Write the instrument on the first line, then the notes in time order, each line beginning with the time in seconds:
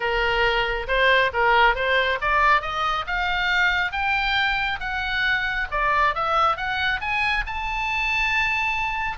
oboe
0.00 A#4
0.87 C5
1.33 A#4
1.75 C5
2.21 D5
2.61 D#5
3.06 F5
3.92 G5
4.80 F#5
5.71 D5
6.15 E5
6.56 F#5
7.00 G#5
7.46 A5